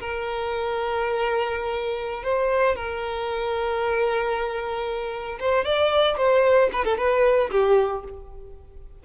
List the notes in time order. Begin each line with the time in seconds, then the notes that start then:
0.00 A#4
2.23 C5
2.75 A#4
5.39 C5
5.65 D5
6.17 C5
6.72 B4
6.84 A4
6.97 B4
7.51 G4